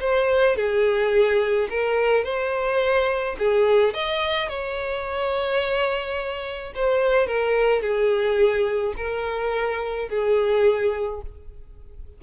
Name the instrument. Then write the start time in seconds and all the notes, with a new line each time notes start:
violin
0.00 C5
0.56 G#4
1.69 A#4
2.24 C5
3.38 G#4
3.94 D#5
4.48 C#5
6.75 C5
7.27 A#4
7.81 G#4
8.96 A#4
10.09 G#4